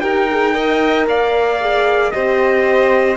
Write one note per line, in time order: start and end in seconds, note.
0.00 1.07 D#4
0.00 0.28 G4
0.00 0.54 A#4
0.00 1.05 G5
0.31 0.53 G#4
0.53 1.58 A#4
0.53 1.07 D#5
1.07 2.12 A#3
1.07 2.13 D5
1.07 2.11 F5
1.61 2.12 G#4
2.11 3.16 C4
2.11 3.16 G4
2.11 3.16 C5
2.11 3.16 D#5